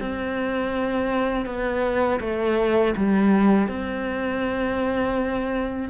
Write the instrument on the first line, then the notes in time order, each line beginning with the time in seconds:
cello
0.00 C4
1.45 B3
2.20 A3
2.96 G3
3.68 C4